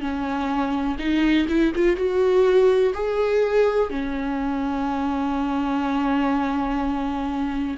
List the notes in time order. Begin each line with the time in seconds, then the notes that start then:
0.00 C#4
0.98 D#4
1.48 E4
1.75 F4
1.96 F#4
2.93 G#4
3.90 C#4